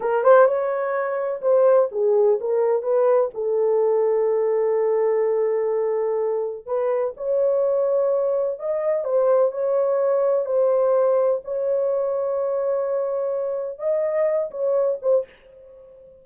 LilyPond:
\new Staff \with { instrumentName = "horn" } { \time 4/4 \tempo 4 = 126 ais'8 c''8 cis''2 c''4 | gis'4 ais'4 b'4 a'4~ | a'1~ | a'2 b'4 cis''4~ |
cis''2 dis''4 c''4 | cis''2 c''2 | cis''1~ | cis''4 dis''4. cis''4 c''8 | }